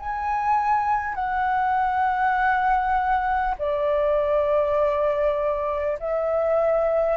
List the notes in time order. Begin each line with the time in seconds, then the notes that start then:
0.00 G#5
1.15 F#5
3.59 D5
6.00 E5